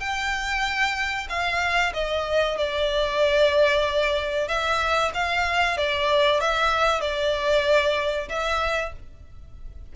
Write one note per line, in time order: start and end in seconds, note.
0.00 1.28 G5
1.29 1.93 F5
1.94 2.58 D#5
2.58 4.48 D5
4.48 5.12 E5
5.14 5.78 F5
5.78 6.40 D5
6.40 7.01 E5
7.01 8.29 D5
8.29 8.93 E5